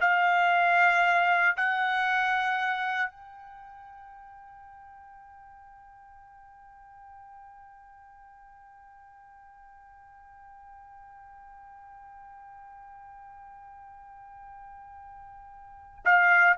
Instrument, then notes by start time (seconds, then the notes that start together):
trumpet
0.00 F5
1.56 F#5
3.10 G5
16.04 F5